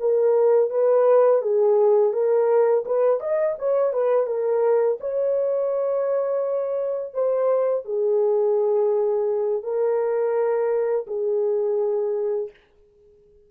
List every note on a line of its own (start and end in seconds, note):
0.00 0.71 A#4
0.71 1.42 B4
1.42 2.13 G#4
2.13 2.85 A#4
2.86 3.20 B4
3.20 3.56 D#5
3.59 3.93 C#5
3.93 4.27 B4
4.27 4.98 A#4
5.00 7.14 C#5
7.14 7.85 C5
7.85 9.63 G#4
9.63 11.06 A#4
11.07 12.50 G#4